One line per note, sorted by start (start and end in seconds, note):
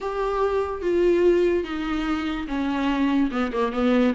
0.00 0.81 G4
0.81 1.63 F4
1.63 2.46 D#4
2.47 3.30 C#4
3.31 3.51 B3
3.52 3.72 A#3
3.72 4.14 B3